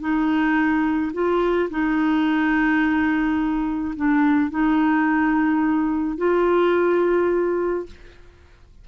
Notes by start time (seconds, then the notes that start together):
0.00 D#4
1.13 F4
1.70 D#4
3.96 D4
4.51 D#4
6.18 F4